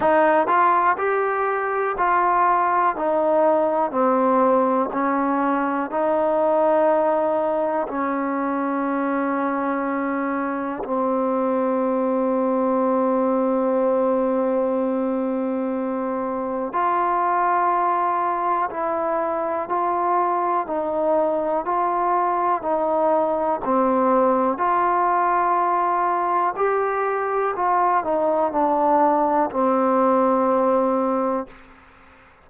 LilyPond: \new Staff \with { instrumentName = "trombone" } { \time 4/4 \tempo 4 = 61 dis'8 f'8 g'4 f'4 dis'4 | c'4 cis'4 dis'2 | cis'2. c'4~ | c'1~ |
c'4 f'2 e'4 | f'4 dis'4 f'4 dis'4 | c'4 f'2 g'4 | f'8 dis'8 d'4 c'2 | }